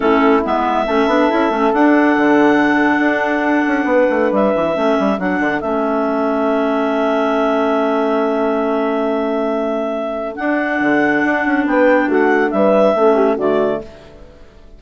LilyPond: <<
  \new Staff \with { instrumentName = "clarinet" } { \time 4/4 \tempo 4 = 139 a'4 e''2. | fis''1~ | fis''2 e''2 | fis''4 e''2.~ |
e''1~ | e''1 | fis''2. g''4 | fis''4 e''2 d''4 | }
  \new Staff \with { instrumentName = "horn" } { \time 4/4 e'2 a'2~ | a'1~ | a'4 b'2 a'4~ | a'1~ |
a'1~ | a'1~ | a'2. b'4 | fis'4 b'4 a'8 g'8 fis'4 | }
  \new Staff \with { instrumentName = "clarinet" } { \time 4/4 cis'4 b4 cis'8 d'8 e'8 cis'8 | d'1~ | d'2. cis'4 | d'4 cis'2.~ |
cis'1~ | cis'1 | d'1~ | d'2 cis'4 a4 | }
  \new Staff \with { instrumentName = "bassoon" } { \time 4/4 a4 gis4 a8 b8 cis'8 a8 | d'4 d2 d'4~ | d'8 cis'8 b8 a8 g8 e8 a8 g8 | fis8 d8 a2.~ |
a1~ | a1 | d'4 d4 d'8 cis'8 b4 | a4 g4 a4 d4 | }
>>